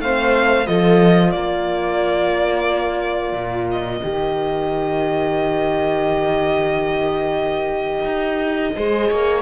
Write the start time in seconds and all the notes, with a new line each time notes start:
0.00 A3 C4 C5 F5
0.66 F3 F4 A4 D#5
1.32 A#3 A#4 D5
3.33 A#2
3.71 D#5
4.03 D#3 G4
8.04 D#4
8.77 G#3 G#4 C5
9.10 A#3 C#5